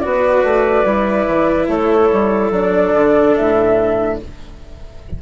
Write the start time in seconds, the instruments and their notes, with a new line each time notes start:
0.00 bassoon B3, cello F#4, clarinet B4, flute D5
0.44 bassoon A3
0.85 bassoon G3, cello E4
1.28 bassoon E3
1.68 bassoon A3, clarinet A4, flute C#5
2.12 bassoon G3
2.51 bassoon F#3, cello D4, flute D5
2.93 bassoon D3
3.35 bassoon A2, flute E5